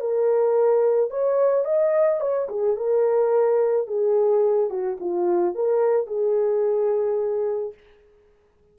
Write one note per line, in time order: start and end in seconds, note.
0.00 1.10 A#4
1.10 1.64 C#5
1.64 2.20 D#5
2.20 2.48 C#5
2.48 2.76 G#4
2.76 3.87 A#4
3.87 4.69 G#4
4.69 4.97 F#4
4.99 5.55 F4
5.55 6.07 A#4
6.07 7.73 G#4